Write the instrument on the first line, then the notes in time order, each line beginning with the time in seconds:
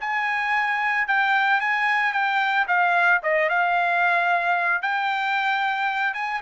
trumpet
0.00 G#5
1.07 G5
1.60 G#5
2.12 G5
2.67 F5
3.23 D#5
3.49 F5
4.81 G5
6.14 G#5